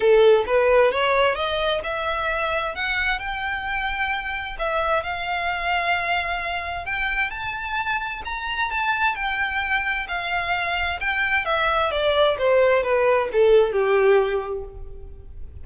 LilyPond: \new Staff \with { instrumentName = "violin" } { \time 4/4 \tempo 4 = 131 a'4 b'4 cis''4 dis''4 | e''2 fis''4 g''4~ | g''2 e''4 f''4~ | f''2. g''4 |
a''2 ais''4 a''4 | g''2 f''2 | g''4 e''4 d''4 c''4 | b'4 a'4 g'2 | }